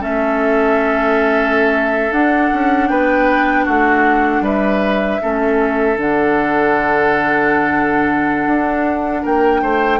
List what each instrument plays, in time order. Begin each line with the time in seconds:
0.00 bassoon A3, clarinet C#4, oboe A4, flute E5
2.12 bassoon D4, clarinet D4, flute F#5
2.53 bassoon C#4
2.88 bassoon B3, oboe B4, flute G5
3.65 bassoon A3, oboe F#4, flute F#5
4.41 bassoon G3, oboe B4, flute E5
5.21 bassoon A3, clarinet C#4, oboe A4
5.97 bassoon D3, clarinet D4, flute F#5
8.47 bassoon D4
9.22 bassoon A#3, oboe A#4, flute G5
9.62 bassoon A3, oboe C5